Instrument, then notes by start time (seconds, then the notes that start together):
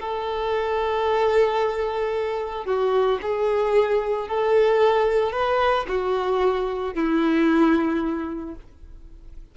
violin
0.00 A4
2.66 F#4
3.22 G#4
4.29 A4
5.33 B4
5.89 F#4
6.94 E4